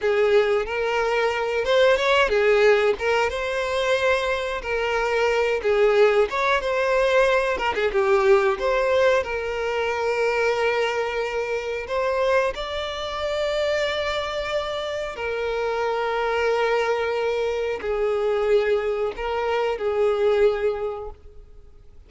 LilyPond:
\new Staff \with { instrumentName = "violin" } { \time 4/4 \tempo 4 = 91 gis'4 ais'4. c''8 cis''8 gis'8~ | gis'8 ais'8 c''2 ais'4~ | ais'8 gis'4 cis''8 c''4. ais'16 gis'16 | g'4 c''4 ais'2~ |
ais'2 c''4 d''4~ | d''2. ais'4~ | ais'2. gis'4~ | gis'4 ais'4 gis'2 | }